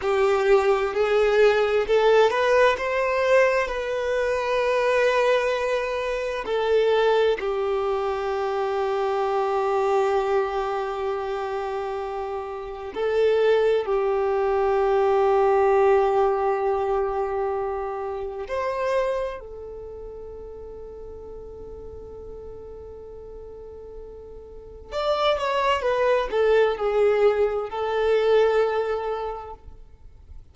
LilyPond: \new Staff \with { instrumentName = "violin" } { \time 4/4 \tempo 4 = 65 g'4 gis'4 a'8 b'8 c''4 | b'2. a'4 | g'1~ | g'2 a'4 g'4~ |
g'1 | c''4 a'2.~ | a'2. d''8 cis''8 | b'8 a'8 gis'4 a'2 | }